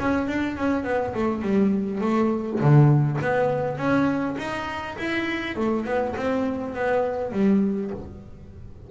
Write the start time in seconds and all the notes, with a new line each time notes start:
0.00 C#4
0.28 D4
0.57 C#4
0.84 B3
1.15 A3
1.43 G3
2.01 A3
2.61 D3
3.22 B3
3.78 C#4
4.39 D#4
4.98 E4
5.56 A3
5.86 B3
6.17 C4
6.75 B3
7.32 G3